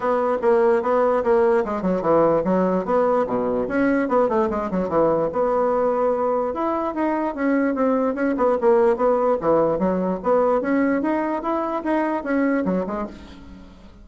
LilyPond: \new Staff \with { instrumentName = "bassoon" } { \time 4/4 \tempo 4 = 147 b4 ais4 b4 ais4 | gis8 fis8 e4 fis4 b4 | b,4 cis'4 b8 a8 gis8 fis8 | e4 b2. |
e'4 dis'4 cis'4 c'4 | cis'8 b8 ais4 b4 e4 | fis4 b4 cis'4 dis'4 | e'4 dis'4 cis'4 fis8 gis8 | }